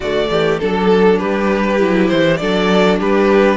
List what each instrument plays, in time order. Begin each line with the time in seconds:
0.00 cello D3, viola A3, violin F#4 D5
0.30 cello E3, violin G4
0.58 cello F#3, viola D4, violin A4
1.18 cello G3, violin G4 B4
1.78 cello F#3, viola E4
2.08 cello E3, violin C5
2.36 cello F#3, viola D4, violin A4 D5
2.99 cello G3, violin G4 B4